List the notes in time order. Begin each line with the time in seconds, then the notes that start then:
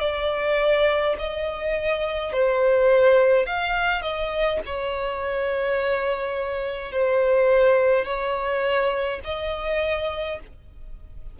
0.00 D5
1.19 D#5
2.32 C5
3.46 F5
4.02 D#5
4.66 C#5
6.92 C5
8.05 C#5
9.24 D#5